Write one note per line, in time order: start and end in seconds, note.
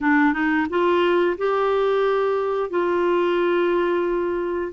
0.01 0.33 D4
0.33 0.66 D#4
0.69 1.37 F4
1.37 2.70 G4
2.70 4.72 F4